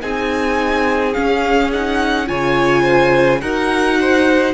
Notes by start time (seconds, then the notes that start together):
0.00 C4 D#4 G#4 G#5
1.13 C#4 F5
1.72 D#4 F#5
2.26 C#3 F4 C#5 G#5
2.82 C5
3.40 D#4 F#4 A#4 F#5
4.00 C5